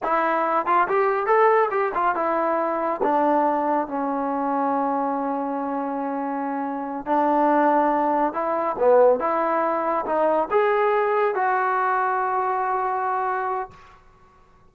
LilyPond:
\new Staff \with { instrumentName = "trombone" } { \time 4/4 \tempo 4 = 140 e'4. f'8 g'4 a'4 | g'8 f'8 e'2 d'4~ | d'4 cis'2.~ | cis'1~ |
cis'8 d'2. e'8~ | e'8 b4 e'2 dis'8~ | dis'8 gis'2 fis'4.~ | fis'1 | }